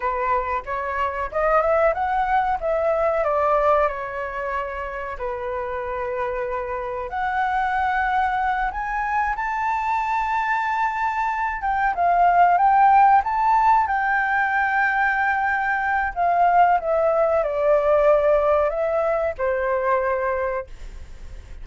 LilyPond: \new Staff \with { instrumentName = "flute" } { \time 4/4 \tempo 4 = 93 b'4 cis''4 dis''8 e''8 fis''4 | e''4 d''4 cis''2 | b'2. fis''4~ | fis''4. gis''4 a''4.~ |
a''2 g''8 f''4 g''8~ | g''8 a''4 g''2~ g''8~ | g''4 f''4 e''4 d''4~ | d''4 e''4 c''2 | }